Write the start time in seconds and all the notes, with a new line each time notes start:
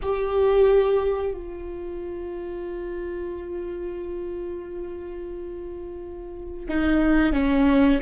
0.02 G4
1.33 F4
6.68 D#4
7.32 C#4